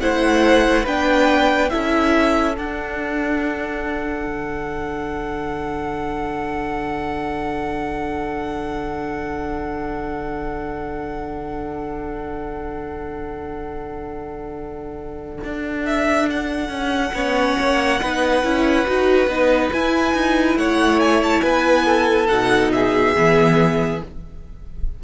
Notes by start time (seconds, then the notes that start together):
0.00 A3 E4 C5 F#5
0.83 B3 D4 B4 G5
1.69 C#4 E4 A4 E5
2.57 D4 F#5
4.25 D3
15.44 D4
15.86 E5
16.30 F#5
16.68 C#4
17.13 B3 C#4 C#5
17.59 A#3
17.99 B3 D#4 B4
18.43 C#4 E4
18.86 D#4 F#4
19.27 B3 D#4
19.72 E4 G#5
20.13 D#4
20.55 A3 C#5 F#5
20.99 G#5
21.23 A5
21.41 B3 B4 G#5
21.86 A4
22.28 B2 D#4 F#5
22.72 G#4 E5
23.15 E3 B3